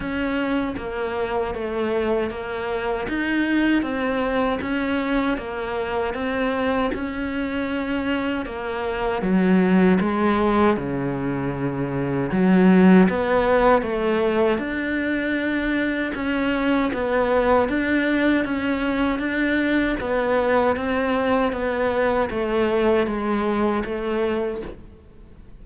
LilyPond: \new Staff \with { instrumentName = "cello" } { \time 4/4 \tempo 4 = 78 cis'4 ais4 a4 ais4 | dis'4 c'4 cis'4 ais4 | c'4 cis'2 ais4 | fis4 gis4 cis2 |
fis4 b4 a4 d'4~ | d'4 cis'4 b4 d'4 | cis'4 d'4 b4 c'4 | b4 a4 gis4 a4 | }